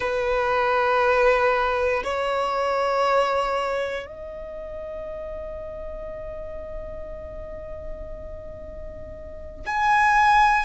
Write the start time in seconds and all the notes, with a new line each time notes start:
0.00 B4
2.03 C#5
4.05 D#5
9.66 G#5